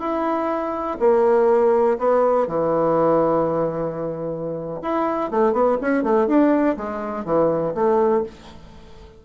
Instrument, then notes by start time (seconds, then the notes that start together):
bassoon
0.00 E4
1.00 A#3
1.99 B3
2.48 E3
4.82 E4
5.31 A3
5.53 B3
5.81 C#4
6.04 A3
6.27 D4
6.77 G#3
7.25 E3
7.75 A3